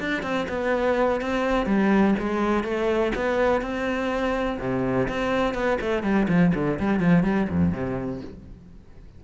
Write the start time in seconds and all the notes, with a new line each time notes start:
0.00 D4
0.23 C4
0.49 B3
1.21 C4
1.66 G3
2.20 G#3
2.64 A3
3.16 B3
3.62 C4
4.60 C3
5.09 C4
5.54 B3
5.82 A3
6.03 G3
6.29 F3
6.55 D3
6.80 G3
7.00 F3
7.24 G3
7.50 F2
7.73 C3